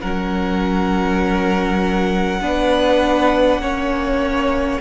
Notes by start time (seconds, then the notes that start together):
0.00 F#3 C#4 A#4 F#5
2.40 B3 D4 B4
3.58 A#3 C#4 C#5